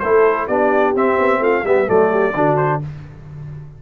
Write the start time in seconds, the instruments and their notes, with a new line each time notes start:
0.00 tuba A3, trombone E4, horn A4, trumpet C5
0.47 tuba B3, trombone D4, horn G4, trumpet D5
0.95 tuba C4, trombone C4, trumpet E5
1.19 tuba B3
1.39 tuba A3, horn F4, trumpet F5
1.64 tuba G3, trombone B3, horn G4, trumpet E5
1.87 tuba F#3, trombone A3, horn A4, trumpet D5
2.11 horn G4
2.35 tuba D3, trombone D4, horn F#4
2.57 trumpet C5